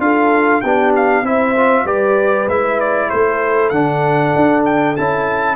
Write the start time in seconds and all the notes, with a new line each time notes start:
0.00 D4 F4 A4 F5
0.61 B3 D4 G4 G5
0.96 F5
1.23 C4 E4 C5 E5
1.57 F4
1.85 G3 G4 B4 D5
2.48 G#3 E4 E5
2.81 D5
3.10 A3 A4 C5
3.70 D3 D4 F#5
4.36 D4
4.65 G5
4.97 C#4 E4 A5